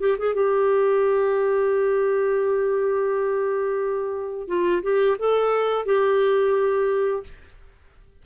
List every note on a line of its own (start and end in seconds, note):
0.00 0.17 G4
0.18 0.34 G#4
0.34 4.48 G4
4.48 4.82 F4
4.83 5.17 G4
5.18 5.86 A4
5.86 7.24 G4